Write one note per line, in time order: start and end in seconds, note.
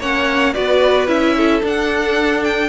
0.00 0.54 A#3
0.00 0.54 C#4
0.00 0.55 C#5
0.00 0.54 F#5
0.54 1.08 B3
0.54 1.08 F#4
0.54 1.36 B4
0.54 1.08 D5
1.08 1.62 C#4
1.08 1.62 E4
1.08 1.63 E5
1.37 2.70 A4
1.62 2.70 D4
1.62 2.44 F#5
2.44 2.70 G5